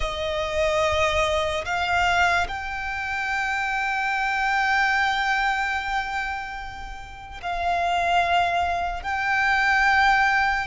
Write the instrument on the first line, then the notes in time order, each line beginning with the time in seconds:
violin
0.00 D#5
1.65 F5
2.47 G5
7.42 F5
9.02 G5